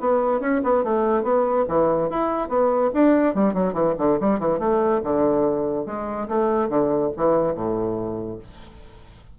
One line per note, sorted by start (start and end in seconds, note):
0.00 0.40 B3
0.40 0.61 C#4
0.63 0.83 B3
0.83 1.23 A3
1.23 1.65 B3
1.68 2.09 E3
2.09 2.48 E4
2.48 2.90 B3
2.93 3.34 D4
3.34 3.54 G3
3.54 3.73 F#3
3.73 3.94 E3
3.98 4.19 D3
4.20 4.39 G3
4.39 4.58 E3
4.58 5.00 A3
5.03 5.85 D3
5.85 6.27 G#3
6.28 6.68 A3
6.68 7.10 D3
7.16 7.54 E3
7.54 8.38 A2